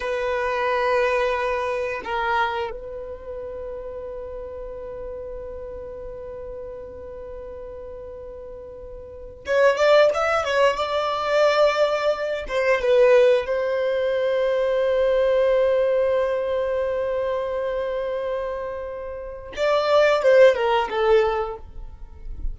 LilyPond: \new Staff \with { instrumentName = "violin" } { \time 4/4 \tempo 4 = 89 b'2. ais'4 | b'1~ | b'1~ | b'2 cis''8 d''8 e''8 cis''8 |
d''2~ d''8 c''8 b'4 | c''1~ | c''1~ | c''4 d''4 c''8 ais'8 a'4 | }